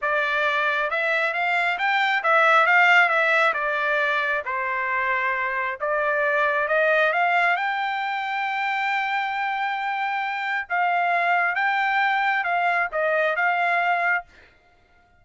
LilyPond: \new Staff \with { instrumentName = "trumpet" } { \time 4/4 \tempo 4 = 135 d''2 e''4 f''4 | g''4 e''4 f''4 e''4 | d''2 c''2~ | c''4 d''2 dis''4 |
f''4 g''2.~ | g''1 | f''2 g''2 | f''4 dis''4 f''2 | }